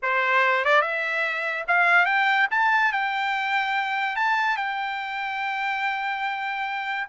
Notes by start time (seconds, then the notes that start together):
0.02 C5
0.65 D5
0.81 E5
1.67 F5
2.05 G5
2.50 A5
2.92 G5
4.16 A5
4.57 G5